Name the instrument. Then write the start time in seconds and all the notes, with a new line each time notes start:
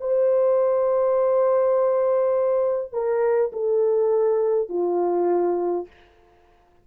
horn
0.00 C5
2.93 A#4
3.53 A4
4.69 F4